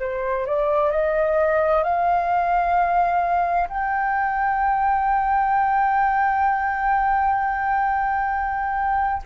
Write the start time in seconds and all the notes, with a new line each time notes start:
0.00 C5
0.46 D5
0.91 D#5
1.84 F5
3.69 G5